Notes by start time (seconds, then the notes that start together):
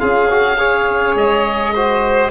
0.00 C#4 F4 G#4 F5
0.31 F#4
0.59 G#4 C#5
1.16 G#3 D#5
1.75 F#4 C5